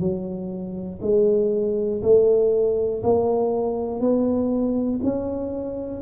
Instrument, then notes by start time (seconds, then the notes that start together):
tuba
0.00 F#3
1.01 G#3
2.02 A3
3.03 A#3
4.00 B3
5.04 C#4